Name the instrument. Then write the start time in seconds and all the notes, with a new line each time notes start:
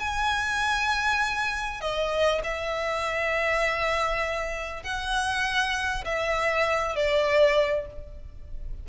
violin
0.00 G#5
1.82 D#5
2.44 E5
4.83 F#5
6.05 E5
6.96 D5